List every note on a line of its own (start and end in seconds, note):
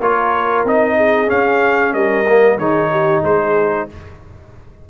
0.00 0.64 A#3
0.00 0.66 F4
0.00 0.96 A#4
0.00 0.65 C#5
0.64 1.28 C4
0.64 1.27 D#4
0.64 1.30 D#5
0.96 1.93 G#4
1.27 2.23 C#4
1.27 1.93 C#4
1.27 1.93 F5
1.93 2.57 G3
1.93 2.57 A#4
1.93 2.58 D#5
2.28 2.60 A#3
2.57 3.21 D#3
2.57 3.89 D#4
2.57 2.90 G#4
2.57 3.23 C#5
2.91 3.23 G4
3.23 3.87 G#3
3.23 3.87 G#4
3.23 3.89 C5